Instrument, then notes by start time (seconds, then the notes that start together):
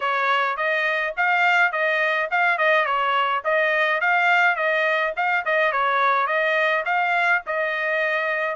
trumpet
0.00 C#5
0.56 D#5
1.16 F5
1.71 D#5
2.30 F5
2.58 D#5
2.85 C#5
3.44 D#5
4.00 F5
4.56 D#5
5.16 F5
5.45 D#5
5.72 C#5
6.26 D#5
6.85 F5
7.46 D#5